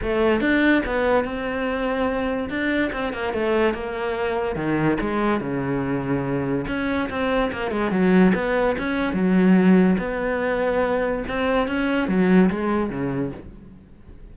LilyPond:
\new Staff \with { instrumentName = "cello" } { \time 4/4 \tempo 4 = 144 a4 d'4 b4 c'4~ | c'2 d'4 c'8 ais8 | a4 ais2 dis4 | gis4 cis2. |
cis'4 c'4 ais8 gis8 fis4 | b4 cis'4 fis2 | b2. c'4 | cis'4 fis4 gis4 cis4 | }